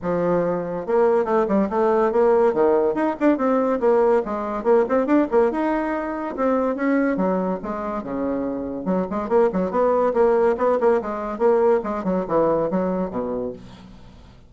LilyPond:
\new Staff \with { instrumentName = "bassoon" } { \time 4/4 \tempo 4 = 142 f2 ais4 a8 g8 | a4 ais4 dis4 dis'8 d'8 | c'4 ais4 gis4 ais8 c'8 | d'8 ais8 dis'2 c'4 |
cis'4 fis4 gis4 cis4~ | cis4 fis8 gis8 ais8 fis8 b4 | ais4 b8 ais8 gis4 ais4 | gis8 fis8 e4 fis4 b,4 | }